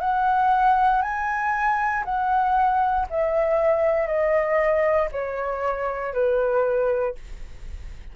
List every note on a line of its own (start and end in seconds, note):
0.00 1.02 F#5
1.02 2.03 G#5
2.04 3.06 F#5
3.09 4.06 E5
4.06 5.08 D#5
5.12 6.13 C#5
6.13 7.15 B4